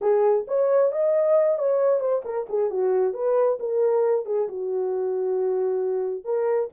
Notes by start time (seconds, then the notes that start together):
0.01 G#4
0.47 C#5
0.91 D#5
1.58 C#5
2.00 C5
2.24 A#4
2.49 G#4
2.70 F#4
3.13 B4
3.59 A#4
4.25 G#4
4.48 F#4
6.24 A#4